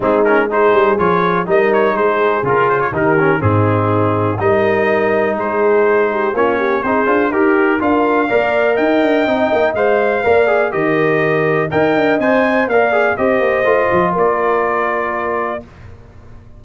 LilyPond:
<<
  \new Staff \with { instrumentName = "trumpet" } { \time 4/4 \tempo 4 = 123 gis'8 ais'8 c''4 cis''4 dis''8 cis''8 | c''4 ais'8 c''16 cis''16 ais'4 gis'4~ | gis'4 dis''2 c''4~ | c''4 cis''4 c''4 ais'4 |
f''2 g''2 | f''2 dis''2 | g''4 gis''4 f''4 dis''4~ | dis''4 d''2. | }
  \new Staff \with { instrumentName = "horn" } { \time 4/4 dis'4 gis'2 ais'4 | gis'2 g'4 dis'4~ | dis'4 ais'2 gis'4~ | gis'8 g'8 f'8 g'8 gis'4 g'4 |
ais'4 d''4 dis''2~ | dis''4 d''4 ais'2 | dis''2 d''4 c''4~ | c''4 ais'2. | }
  \new Staff \with { instrumentName = "trombone" } { \time 4/4 c'8 cis'8 dis'4 f'4 dis'4~ | dis'4 f'4 dis'8 cis'8 c'4~ | c'4 dis'2.~ | dis'4 cis'4 dis'8 f'8 g'4 |
f'4 ais'2 dis'4 | c''4 ais'8 gis'8 g'2 | ais'4 c''4 ais'8 gis'8 g'4 | f'1 | }
  \new Staff \with { instrumentName = "tuba" } { \time 4/4 gis4. g8 f4 g4 | gis4 cis4 dis4 gis,4~ | gis,4 g2 gis4~ | gis4 ais4 c'8 d'8 dis'4 |
d'4 ais4 dis'8 d'8 c'8 ais8 | gis4 ais4 dis2 | dis'8 d'8 c'4 ais4 c'8 ais8 | a8 f8 ais2. | }
>>